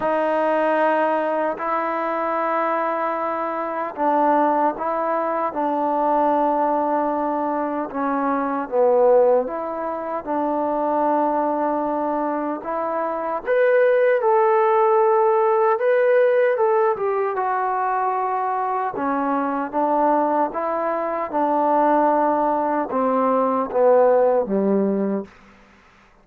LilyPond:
\new Staff \with { instrumentName = "trombone" } { \time 4/4 \tempo 4 = 76 dis'2 e'2~ | e'4 d'4 e'4 d'4~ | d'2 cis'4 b4 | e'4 d'2. |
e'4 b'4 a'2 | b'4 a'8 g'8 fis'2 | cis'4 d'4 e'4 d'4~ | d'4 c'4 b4 g4 | }